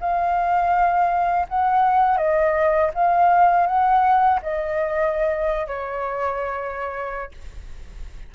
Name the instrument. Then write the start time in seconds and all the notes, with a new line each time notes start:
flute
0.00 F5
1.49 F#5
2.17 D#5
2.94 F5
3.67 F#5
4.42 D#5
5.67 C#5